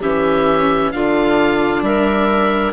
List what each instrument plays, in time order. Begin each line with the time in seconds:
0.00 bassoon E3, viola C#4, clarinet G4, oboe E5
0.91 bassoon D3, viola D4, clarinet F4, oboe F5
1.82 bassoon G3, clarinet A#4, oboe E5